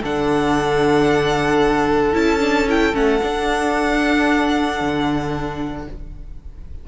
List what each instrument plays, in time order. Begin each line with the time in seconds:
0.00 cello D3, viola D4, violin A4 F#5
2.13 cello C#4, viola E4, violin A5
2.40 viola D4
2.68 viola E4, violin G5
2.93 cello A3, viola C#4, violin F#5
3.23 viola D4, cello D4
4.81 cello D3